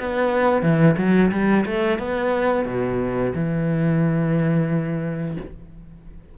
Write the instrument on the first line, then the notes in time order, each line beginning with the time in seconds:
cello
0.00 B3
0.63 E3
0.98 F#3
1.32 G3
1.66 A3
1.99 B3
2.66 B2
3.35 E3